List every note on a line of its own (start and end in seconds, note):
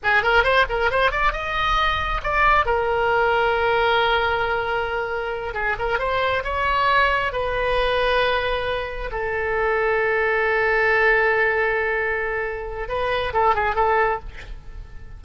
0.03 0.22 G#4
0.22 0.43 A#4
0.43 0.65 C5
0.69 0.90 A#4
0.90 1.11 C5
1.11 1.32 D5
1.32 2.21 D#5
2.23 2.65 D5
2.65 5.54 A#4
5.54 5.76 G#4
5.78 5.98 A#4
5.98 6.43 C5
6.44 7.32 C#5
7.32 9.10 B4
9.11 12.88 A4
12.88 13.33 B4
13.33 13.54 A4
13.54 13.75 G#4
13.75 14.19 A4